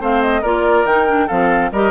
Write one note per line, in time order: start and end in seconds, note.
0.00 0.43 A3
0.00 0.44 C4
0.00 0.42 C5
0.00 0.22 F5
0.22 0.44 D#5
0.42 0.85 A#3
0.42 0.87 F4
0.42 1.27 A#4
0.42 0.87 D5
0.85 1.28 D#3
0.85 1.07 D#4
0.85 1.28 G5
1.07 1.29 D4
1.27 1.72 F3
1.27 1.72 C4
1.27 1.70 A4
1.27 1.71 F5
1.72 1.91 G3
1.72 1.91 G4
1.72 1.91 A#4
1.72 1.91 D#5